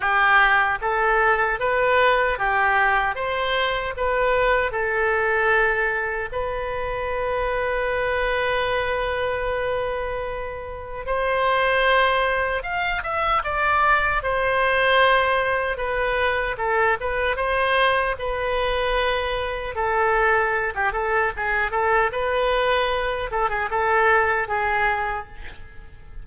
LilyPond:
\new Staff \with { instrumentName = "oboe" } { \time 4/4 \tempo 4 = 76 g'4 a'4 b'4 g'4 | c''4 b'4 a'2 | b'1~ | b'2 c''2 |
f''8 e''8 d''4 c''2 | b'4 a'8 b'8 c''4 b'4~ | b'4 a'4~ a'16 g'16 a'8 gis'8 a'8 | b'4. a'16 gis'16 a'4 gis'4 | }